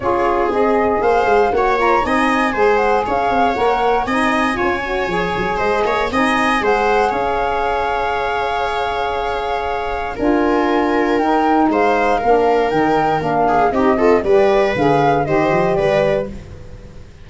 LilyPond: <<
  \new Staff \with { instrumentName = "flute" } { \time 4/4 \tempo 4 = 118 cis''4 dis''4 f''4 fis''8 ais''8 | gis''4. fis''8 f''4 fis''4 | gis''2. dis''4 | gis''4 fis''4 f''2~ |
f''1 | gis''2 g''4 f''4~ | f''4 g''4 f''4 dis''4 | d''4 f''4 dis''4 d''4 | }
  \new Staff \with { instrumentName = "viola" } { \time 4/4 gis'2 c''4 cis''4 | dis''4 c''4 cis''2 | dis''4 cis''2 c''8 cis''8 | dis''4 c''4 cis''2~ |
cis''1 | ais'2. c''4 | ais'2~ ais'8 gis'8 g'8 a'8 | b'2 c''4 b'4 | }
  \new Staff \with { instrumentName = "saxophone" } { \time 4/4 f'4 gis'2 fis'8 f'8 | dis'4 gis'2 ais'4 | dis'4 f'8 fis'8 gis'2 | dis'4 gis'2.~ |
gis'1 | f'2 dis'2 | d'4 dis'4 d'4 dis'8 f'8 | g'4 gis'4 g'2 | }
  \new Staff \with { instrumentName = "tuba" } { \time 4/4 cis'4 c'4 ais8 gis8 ais4 | c'4 gis4 cis'8 c'8 ais4 | c'4 cis'4 f8 fis8 gis8 ais8 | c'4 gis4 cis'2~ |
cis'1 | d'2 dis'4 gis4 | ais4 dis4 ais4 c'4 | g4 d4 dis8 f8 g4 | }
>>